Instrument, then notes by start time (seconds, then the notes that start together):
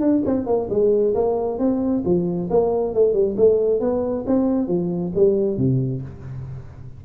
tuba
0.00 D4
0.25 C4
0.46 A#3
0.69 G#3
1.15 A#3
1.58 C4
2.05 F3
2.50 A#3
2.94 A3
3.13 G3
3.37 A3
3.80 B3
4.26 C4
4.68 F3
5.15 G3
5.57 C3